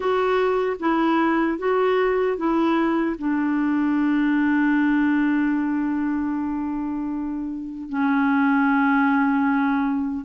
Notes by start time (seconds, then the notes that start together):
0.00 F#4
0.79 E4
1.58 F#4
2.37 E4
3.18 D4
7.89 C#4